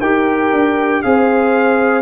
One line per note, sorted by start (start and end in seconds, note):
0.00 0.52 D#4
0.00 1.04 G4
0.00 1.02 A#4
0.00 1.03 G5
0.53 1.04 D4
1.03 2.02 C4
1.03 2.02 G#4
1.03 2.02 C5
1.03 2.02 F5